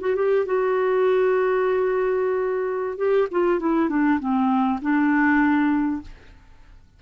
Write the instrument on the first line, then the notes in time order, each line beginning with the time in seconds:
clarinet
0.00 F#4
0.15 G4
0.45 F#4
2.97 G4
3.31 F4
3.59 E4
3.89 D4
4.19 C4
4.81 D4